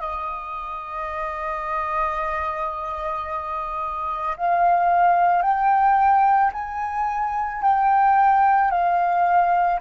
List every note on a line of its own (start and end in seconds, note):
0.00 4.36 D#5
4.37 5.42 F5
5.42 6.51 G5
6.53 7.62 G#5
7.62 8.71 G5
8.71 9.80 F5